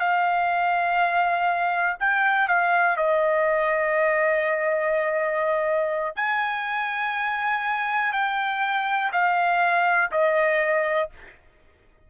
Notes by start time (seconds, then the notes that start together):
0.00 F5
2.00 G5
2.48 F5
2.96 D#5
6.16 G#5
8.12 G5
9.12 F5
10.11 D#5